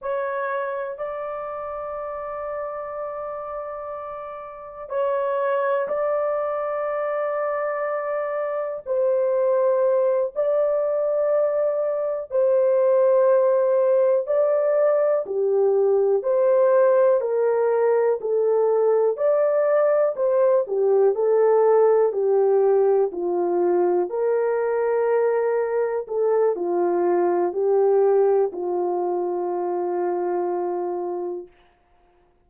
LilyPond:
\new Staff \with { instrumentName = "horn" } { \time 4/4 \tempo 4 = 61 cis''4 d''2.~ | d''4 cis''4 d''2~ | d''4 c''4. d''4.~ | d''8 c''2 d''4 g'8~ |
g'8 c''4 ais'4 a'4 d''8~ | d''8 c''8 g'8 a'4 g'4 f'8~ | f'8 ais'2 a'8 f'4 | g'4 f'2. | }